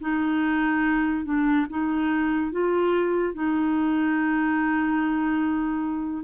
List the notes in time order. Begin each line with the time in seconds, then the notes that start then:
0.00 D#4
1.24 D4
1.69 D#4
2.51 F4
3.34 D#4